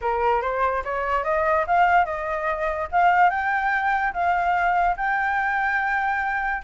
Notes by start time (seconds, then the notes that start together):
0.01 A#4
0.41 C5
0.84 C#5
1.24 D#5
1.66 F5
2.05 D#5
2.91 F5
3.30 G5
4.13 F5
4.97 G5